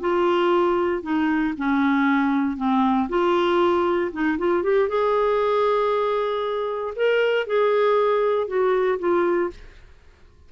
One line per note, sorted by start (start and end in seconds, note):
0.00 1.03 F4
1.03 1.54 D#4
1.57 2.57 C#4
2.57 3.08 C4
3.09 4.11 F4
4.12 4.37 D#4
4.38 4.62 F4
4.62 4.88 G4
4.89 6.94 G#4
6.95 7.46 A#4
7.46 8.47 G#4
8.47 8.98 F#4
8.99 9.50 F4